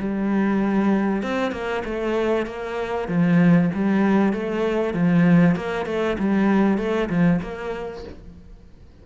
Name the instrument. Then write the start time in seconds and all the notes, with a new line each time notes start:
cello
0.00 G3
1.23 C4
1.52 A#3
1.85 A3
2.47 A#3
3.09 F3
3.75 G3
4.34 A3
4.94 F3
5.56 A#3
5.87 A3
6.19 G3
6.78 A3
7.10 F3
7.42 A#3